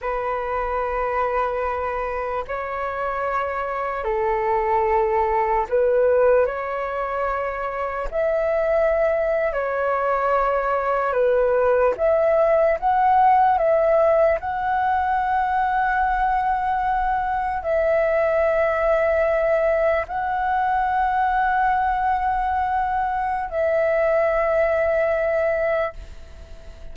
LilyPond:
\new Staff \with { instrumentName = "flute" } { \time 4/4 \tempo 4 = 74 b'2. cis''4~ | cis''4 a'2 b'4 | cis''2 e''4.~ e''16 cis''16~ | cis''4.~ cis''16 b'4 e''4 fis''16~ |
fis''8. e''4 fis''2~ fis''16~ | fis''4.~ fis''16 e''2~ e''16~ | e''8. fis''2.~ fis''16~ | fis''4 e''2. | }